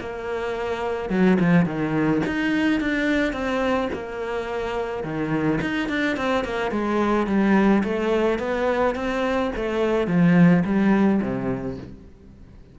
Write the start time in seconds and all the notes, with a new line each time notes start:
0.00 A#3
1.09 F#3
1.40 F3
1.65 D#3
2.26 D#4
2.80 D4
3.33 C4
3.93 A#3
5.03 D#3
5.61 D#4
5.89 D4
6.16 C4
6.44 A#3
6.71 G#3
7.26 G3
7.83 A3
8.39 B3
8.95 C4
9.55 A3
10.07 F3
10.64 G3
11.21 C3